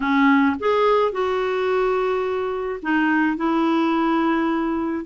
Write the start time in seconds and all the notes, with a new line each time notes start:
0.00 C#4
0.59 G#4
1.12 F#4
2.82 D#4
3.36 E4